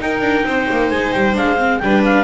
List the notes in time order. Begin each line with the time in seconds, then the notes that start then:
0.00 D#4 A#4 G5
0.21 D4
0.46 C4 C5
0.71 A#3
0.91 G#3 G#5
1.13 G3 G5
1.34 G#3 D4 F5
1.58 C4
1.79 G3 D4 B4 G5
2.05 F5